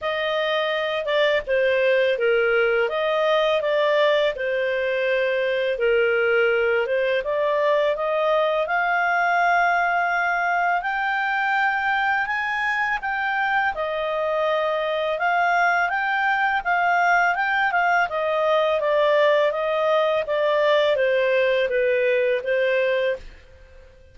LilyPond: \new Staff \with { instrumentName = "clarinet" } { \time 4/4 \tempo 4 = 83 dis''4. d''8 c''4 ais'4 | dis''4 d''4 c''2 | ais'4. c''8 d''4 dis''4 | f''2. g''4~ |
g''4 gis''4 g''4 dis''4~ | dis''4 f''4 g''4 f''4 | g''8 f''8 dis''4 d''4 dis''4 | d''4 c''4 b'4 c''4 | }